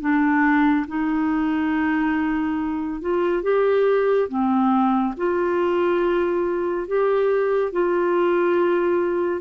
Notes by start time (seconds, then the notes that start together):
0.00 D4
0.88 D#4
3.01 F4
3.43 G4
4.29 C4
5.17 F4
6.87 G4
7.72 F4